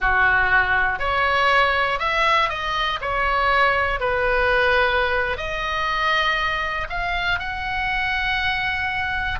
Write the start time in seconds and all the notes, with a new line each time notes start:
0.00 F#4
0.99 C#5
1.99 E5
2.49 D#5
3.01 C#5
4.00 B4
5.37 D#5
6.89 F5
7.39 F#5